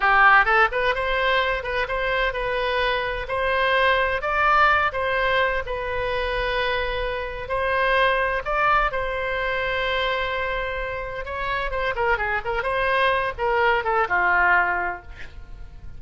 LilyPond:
\new Staff \with { instrumentName = "oboe" } { \time 4/4 \tempo 4 = 128 g'4 a'8 b'8 c''4. b'8 | c''4 b'2 c''4~ | c''4 d''4. c''4. | b'1 |
c''2 d''4 c''4~ | c''1 | cis''4 c''8 ais'8 gis'8 ais'8 c''4~ | c''8 ais'4 a'8 f'2 | }